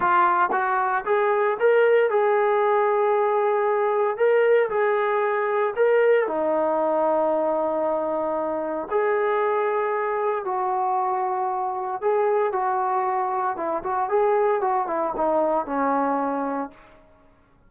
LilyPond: \new Staff \with { instrumentName = "trombone" } { \time 4/4 \tempo 4 = 115 f'4 fis'4 gis'4 ais'4 | gis'1 | ais'4 gis'2 ais'4 | dis'1~ |
dis'4 gis'2. | fis'2. gis'4 | fis'2 e'8 fis'8 gis'4 | fis'8 e'8 dis'4 cis'2 | }